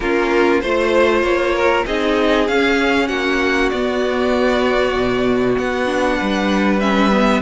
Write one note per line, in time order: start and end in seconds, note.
0.00 0.62 A#3
0.00 0.63 C#4
0.00 0.62 F4
0.00 0.60 A#4
0.60 1.22 A3
0.60 1.86 F4
0.60 1.22 C5
0.60 1.54 C5
1.22 1.84 A#3
1.22 1.84 C#5
1.54 1.85 A#4
1.86 2.48 C4
1.86 2.48 D#4
1.86 3.08 G#4
1.86 2.47 D#5
2.47 3.09 C#4
2.47 3.73 C#4
2.47 3.07 F5
3.07 3.71 A#3
3.07 6.17 F#4
3.07 3.69 F#5
3.69 4.95 B3
3.69 5.86 B3
3.69 5.55 D5
4.95 5.57 B2
5.58 6.20 B3
5.58 6.80 F#5
5.86 6.79 D4
6.18 7.41 G3
6.18 7.41 B4
6.80 7.11 C#4
6.80 7.41 E5
7.11 7.41 B3